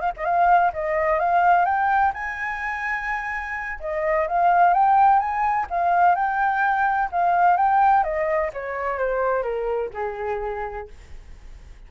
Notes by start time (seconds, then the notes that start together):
0.00 F5
0.17 D#5
0.24 F5
0.73 D#5
1.19 F5
1.65 G5
2.13 G#5
3.79 D#5
4.27 F5
4.73 G5
5.19 G#5
5.70 F5
6.15 G5
7.11 F5
7.57 G5
8.03 D#5
8.53 C#5
8.98 C5
9.43 A#4
9.93 G#4